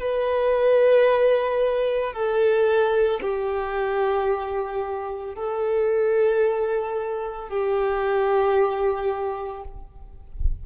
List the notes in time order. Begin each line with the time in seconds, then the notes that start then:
0.00 B4
2.13 A4
3.21 G4
5.35 A4
7.49 G4